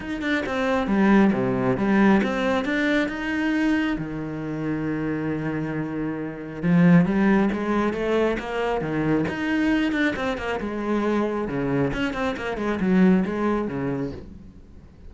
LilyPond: \new Staff \with { instrumentName = "cello" } { \time 4/4 \tempo 4 = 136 dis'8 d'8 c'4 g4 c4 | g4 c'4 d'4 dis'4~ | dis'4 dis2.~ | dis2. f4 |
g4 gis4 a4 ais4 | dis4 dis'4. d'8 c'8 ais8 | gis2 cis4 cis'8 c'8 | ais8 gis8 fis4 gis4 cis4 | }